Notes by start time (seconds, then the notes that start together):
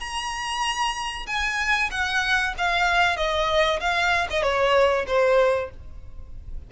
0.00 A#5
1.27 G#5
1.91 F#5
2.58 F5
3.17 D#5
3.80 F5
4.30 D#5
4.42 C#5
5.07 C5